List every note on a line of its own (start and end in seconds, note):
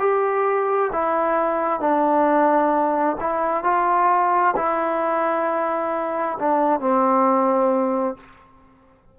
0.00 0.91 G4
0.93 1.81 E4
1.81 3.17 D4
3.21 3.64 E4
3.64 4.55 F4
4.57 6.39 E4
6.40 6.81 D4
6.81 8.17 C4